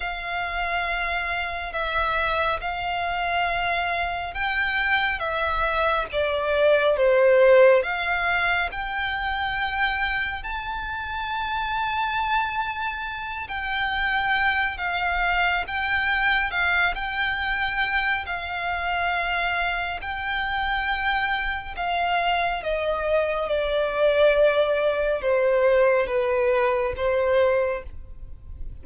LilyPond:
\new Staff \with { instrumentName = "violin" } { \time 4/4 \tempo 4 = 69 f''2 e''4 f''4~ | f''4 g''4 e''4 d''4 | c''4 f''4 g''2 | a''2.~ a''8 g''8~ |
g''4 f''4 g''4 f''8 g''8~ | g''4 f''2 g''4~ | g''4 f''4 dis''4 d''4~ | d''4 c''4 b'4 c''4 | }